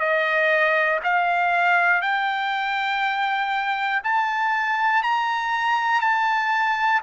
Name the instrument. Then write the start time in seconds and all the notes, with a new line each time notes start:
trumpet
0.00 D#5
1.04 F5
2.02 G5
4.04 A5
5.03 A#5
6.01 A5